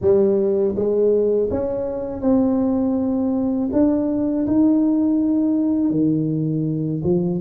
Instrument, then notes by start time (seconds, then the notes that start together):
tuba
0.01 G3
0.75 G#3
1.50 C#4
2.21 C4
3.72 D4
4.46 D#4
5.90 D#3
7.03 F3